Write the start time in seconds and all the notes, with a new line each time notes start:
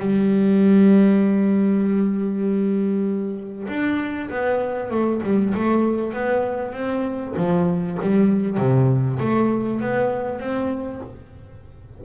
0.00 G3
3.68 D4
4.30 B3
4.91 A3
5.23 G3
5.54 A3
6.13 B3
6.73 C4
7.37 F3
8.01 G3
8.57 C3
9.20 A3
9.81 B3
10.40 C4